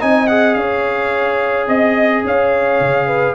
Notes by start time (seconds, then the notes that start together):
0.00 C4 D#4 D#5 G#5
0.27 G#4 F#5
0.54 C#4 C#5 F5
1.68 C4 D#5
2.24 C#4 C#5 F5
2.80 C#3
3.07 B4